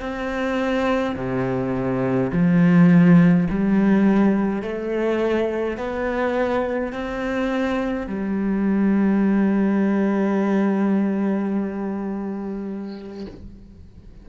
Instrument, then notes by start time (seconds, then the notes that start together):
cello
0.00 C4
1.15 C3
2.32 F3
3.50 G3
4.62 A3
5.77 B3
6.92 C4
8.07 G3